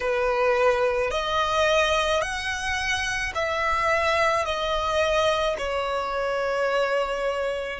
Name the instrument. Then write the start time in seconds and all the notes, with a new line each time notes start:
violin
0.00 B4
1.11 D#5
2.21 F#5
3.34 E5
4.44 D#5
5.58 C#5